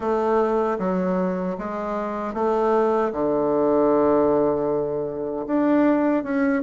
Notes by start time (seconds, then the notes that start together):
0.00 A3
0.79 F#3
1.58 G#3
2.34 A3
3.12 D3
5.47 D4
6.23 C#4